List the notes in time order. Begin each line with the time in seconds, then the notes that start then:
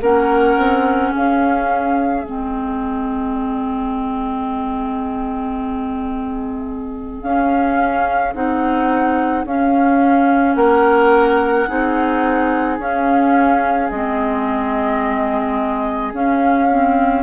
0.00 A#3 C#4 A#4 F#5
0.56 C4
1.11 C#4 G#4 F5
2.23 G#3 C4 D#5
7.22 C#4 F5
8.34 C4 D#4 F#5
9.45 C#4 F5
10.54 A#3 A#4 F#5
11.67 C4 D#4 G#4
12.78 C#4 F5
13.90 G#3 C4 D#5
16.12 C#4 F5
16.69 C4